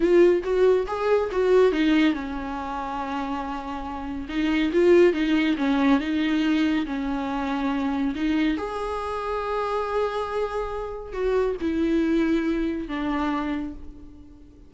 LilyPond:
\new Staff \with { instrumentName = "viola" } { \time 4/4 \tempo 4 = 140 f'4 fis'4 gis'4 fis'4 | dis'4 cis'2.~ | cis'2 dis'4 f'4 | dis'4 cis'4 dis'2 |
cis'2. dis'4 | gis'1~ | gis'2 fis'4 e'4~ | e'2 d'2 | }